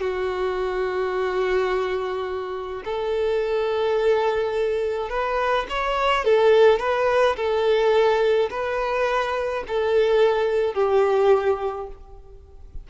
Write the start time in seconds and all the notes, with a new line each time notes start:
0.00 F#4
2.85 A4
5.09 B4
5.69 C#5
6.25 A4
6.79 B4
7.36 A4
8.50 B4
9.67 A4
10.74 G4